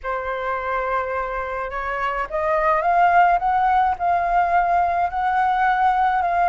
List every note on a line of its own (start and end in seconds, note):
0.03 1.70 C5
1.70 2.26 C#5
2.30 2.81 D#5
2.81 3.38 F5
3.39 3.95 F#5
3.99 5.09 F5
5.09 6.22 F#5
6.22 6.49 F5